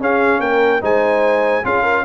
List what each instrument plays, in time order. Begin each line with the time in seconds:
0.00 trombone C#4, tuba C#4, horn G#4, trumpet F5
0.40 tuba A#3, horn A#4, trumpet G5
0.81 tuba G#3, trombone D#4, horn C5, trumpet G#5
1.65 tuba C#4, trombone F4, horn G#4, trumpet F5
1.83 horn A#4